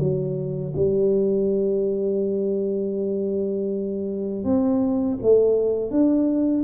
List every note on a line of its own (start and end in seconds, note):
0.00 0.74 F#3
0.76 4.45 G3
4.45 5.19 C4
5.23 5.91 A3
5.91 6.64 D4